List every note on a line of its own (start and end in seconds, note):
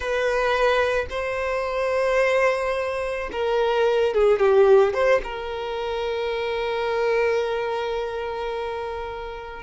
0.00 1.06 B4
1.09 3.30 C5
3.32 4.14 A#4
4.14 4.39 G#4
4.39 4.93 G4
4.93 5.21 C5
5.23 9.62 A#4